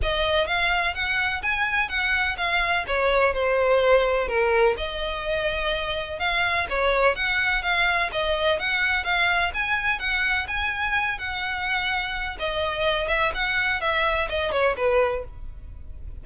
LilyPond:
\new Staff \with { instrumentName = "violin" } { \time 4/4 \tempo 4 = 126 dis''4 f''4 fis''4 gis''4 | fis''4 f''4 cis''4 c''4~ | c''4 ais'4 dis''2~ | dis''4 f''4 cis''4 fis''4 |
f''4 dis''4 fis''4 f''4 | gis''4 fis''4 gis''4. fis''8~ | fis''2 dis''4. e''8 | fis''4 e''4 dis''8 cis''8 b'4 | }